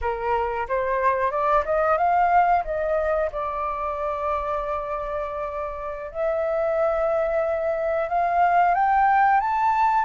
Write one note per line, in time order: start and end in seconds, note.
0.01 0.67 A#4
0.68 1.31 C5
1.31 1.64 D5
1.65 1.97 D#5
1.97 2.63 F5
2.64 3.30 D#5
3.32 6.11 D5
6.11 8.08 E5
8.08 8.74 F5
8.74 9.40 G5
9.40 10.04 A5